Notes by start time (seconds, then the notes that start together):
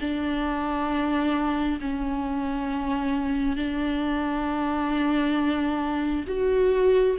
0.00 D4
1.80 C#4
3.56 D4
6.27 F#4